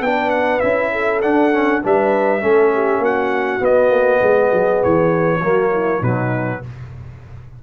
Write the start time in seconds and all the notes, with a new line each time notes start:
0.00 B3 D4 B4 G5
0.30 F#5
0.60 C#4 E4 E5
0.92 A4
1.21 D4 F#5
1.52 C#4
1.82 G3 D4 B4 E5
2.41 A3 C#4 A4
2.73 G4
2.98 A#3 F#4 F#5
3.60 B3 D#5
3.90 A#3
4.21 G#3 G#4
4.53 F#3
4.83 E3 C#5
5.39 F#3 A#3 F#4
5.72 E4
5.99 B2 F#3 D#4 B4